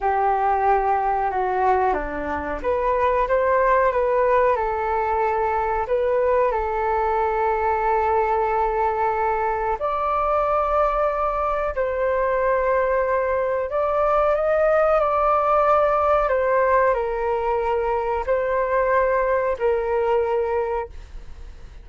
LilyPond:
\new Staff \with { instrumentName = "flute" } { \time 4/4 \tempo 4 = 92 g'2 fis'4 d'4 | b'4 c''4 b'4 a'4~ | a'4 b'4 a'2~ | a'2. d''4~ |
d''2 c''2~ | c''4 d''4 dis''4 d''4~ | d''4 c''4 ais'2 | c''2 ais'2 | }